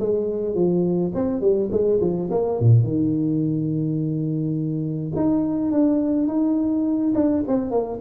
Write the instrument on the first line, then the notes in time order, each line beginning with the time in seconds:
tuba
0.00 G#3
0.55 F3
1.15 C4
1.41 G3
1.72 G#3
2.01 F3
2.31 A#3
2.60 A#2
2.84 D#3
5.16 D#4
5.72 D4
6.28 D#4
7.15 D4
7.48 C4
7.71 A#3